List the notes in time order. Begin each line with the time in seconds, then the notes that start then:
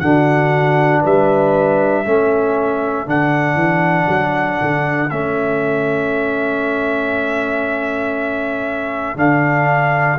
0.00 D3 D4 F#4 F#5
1.02 G3 B4 E5
2.03 A3 C#4 A4
3.06 D3 D4 F#5
3.55 E3
4.08 F#3
4.61 D3
5.10 A3 C#4 E5
9.15 D3 D4 F5